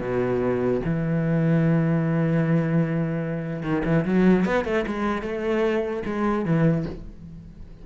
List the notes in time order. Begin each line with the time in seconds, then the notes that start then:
0.00 B2
0.84 E3
3.62 D#3
3.84 E3
4.05 F#3
4.45 B3
4.65 A3
4.87 G#3
5.22 A3
6.05 G#3
6.45 E3